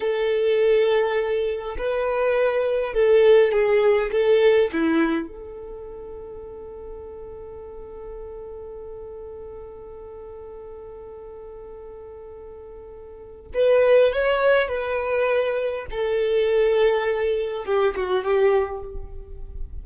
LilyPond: \new Staff \with { instrumentName = "violin" } { \time 4/4 \tempo 4 = 102 a'2. b'4~ | b'4 a'4 gis'4 a'4 | e'4 a'2.~ | a'1~ |
a'1~ | a'2. b'4 | cis''4 b'2 a'4~ | a'2 g'8 fis'8 g'4 | }